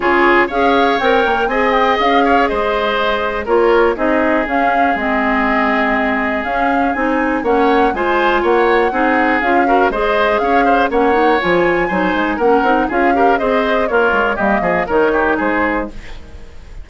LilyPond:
<<
  \new Staff \with { instrumentName = "flute" } { \time 4/4 \tempo 4 = 121 cis''4 f''4 g''4 gis''8 g''8 | f''4 dis''2 cis''4 | dis''4 f''4 dis''2~ | dis''4 f''4 gis''4 fis''4 |
gis''4 fis''2 f''4 | dis''4 f''4 fis''4 gis''4~ | gis''4 fis''4 f''4 dis''4 | cis''4 dis''4 cis''4 c''4 | }
  \new Staff \with { instrumentName = "oboe" } { \time 4/4 gis'4 cis''2 dis''4~ | dis''8 cis''8 c''2 ais'4 | gis'1~ | gis'2. cis''4 |
c''4 cis''4 gis'4. ais'8 | c''4 cis''8 c''8 cis''2 | c''4 ais'4 gis'8 ais'8 c''4 | f'4 g'8 gis'8 ais'8 g'8 gis'4 | }
  \new Staff \with { instrumentName = "clarinet" } { \time 4/4 f'4 gis'4 ais'4 gis'4~ | gis'2. f'4 | dis'4 cis'4 c'2~ | c'4 cis'4 dis'4 cis'4 |
f'2 dis'4 f'8 fis'8 | gis'2 cis'8 dis'8 f'4 | dis'4 cis'8 dis'8 f'8 g'8 gis'4 | ais'4 ais4 dis'2 | }
  \new Staff \with { instrumentName = "bassoon" } { \time 4/4 cis4 cis'4 c'8 ais8 c'4 | cis'4 gis2 ais4 | c'4 cis'4 gis2~ | gis4 cis'4 c'4 ais4 |
gis4 ais4 c'4 cis'4 | gis4 cis'4 ais4 f4 | fis8 gis8 ais8 c'8 cis'4 c'4 | ais8 gis8 g8 f8 dis4 gis4 | }
>>